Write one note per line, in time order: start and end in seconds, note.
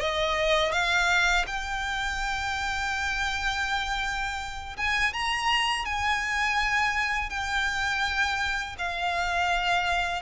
0.00 0.72 D#5
0.72 1.45 F5
1.47 4.76 G5
4.77 5.14 G#5
5.14 5.85 A#5
5.85 7.30 G#5
7.30 8.76 G5
8.78 10.22 F5